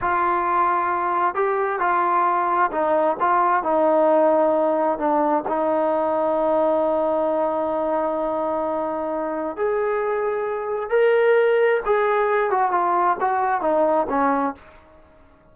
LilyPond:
\new Staff \with { instrumentName = "trombone" } { \time 4/4 \tempo 4 = 132 f'2. g'4 | f'2 dis'4 f'4 | dis'2. d'4 | dis'1~ |
dis'1~ | dis'4 gis'2. | ais'2 gis'4. fis'8 | f'4 fis'4 dis'4 cis'4 | }